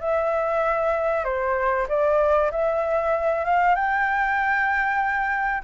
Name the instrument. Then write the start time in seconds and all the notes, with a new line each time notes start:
flute
0.00 E5
1.24 C5
1.88 D5
2.51 E5
3.45 F5
3.75 G5